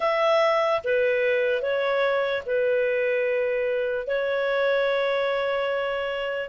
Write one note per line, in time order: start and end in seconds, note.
0.00 0.81 E5
0.84 1.61 B4
1.61 2.43 C#5
2.46 4.07 B4
4.07 6.49 C#5